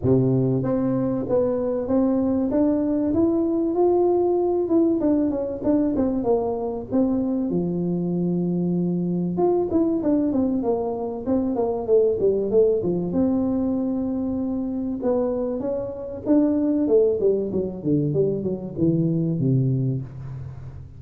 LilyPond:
\new Staff \with { instrumentName = "tuba" } { \time 4/4 \tempo 4 = 96 c4 c'4 b4 c'4 | d'4 e'4 f'4. e'8 | d'8 cis'8 d'8 c'8 ais4 c'4 | f2. f'8 e'8 |
d'8 c'8 ais4 c'8 ais8 a8 g8 | a8 f8 c'2. | b4 cis'4 d'4 a8 g8 | fis8 d8 g8 fis8 e4 c4 | }